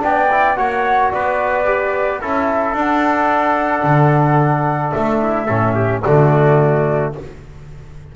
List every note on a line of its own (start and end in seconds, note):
0.00 0.59 B3
0.00 0.27 D4
0.00 0.58 D5
0.00 0.55 G5
0.32 0.57 E4
0.55 1.13 A#3
0.55 1.65 F#4
0.55 1.12 C#5
0.55 1.10 F#5
1.11 2.23 B3
1.11 2.21 B4
1.11 2.20 D5
1.65 2.20 G4
2.21 2.74 C#4
2.21 2.75 E4
2.21 5.21 A4
2.21 2.76 E5
2.74 3.83 D4
2.74 5.48 D4
2.74 4.91 F#5
3.84 4.93 D3
4.91 5.49 A3
4.91 6.00 E5
5.23 5.47 E4
5.47 6.04 A2
5.47 6.04 C#4
5.47 5.74 A4
5.75 6.03 G4
6.03 7.16 D3
6.03 7.16 A3
6.03 7.15 F#4
6.03 7.12 D5